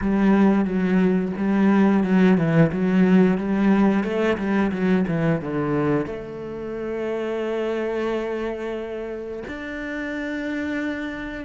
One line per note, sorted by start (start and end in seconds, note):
0.01 0.64 G3
0.64 1.32 F#3
1.37 2.03 G3
2.03 2.37 F#3
2.37 2.71 E3
2.72 3.37 F#3
3.37 4.03 G3
4.03 4.37 A3
4.37 4.71 G3
4.71 5.05 F#3
5.07 5.41 E3
5.41 6.06 D3
6.06 9.43 A3
9.47 11.45 D4